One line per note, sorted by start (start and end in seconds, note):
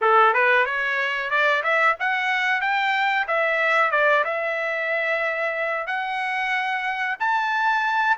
0.01 0.33 A4
0.33 0.65 B4
0.65 1.30 C#5
1.30 1.62 D5
1.63 1.96 E5
1.99 2.61 F#5
2.61 3.26 G5
3.27 3.91 E5
3.91 4.24 D5
4.24 5.86 E5
5.86 7.17 F#5
7.19 8.17 A5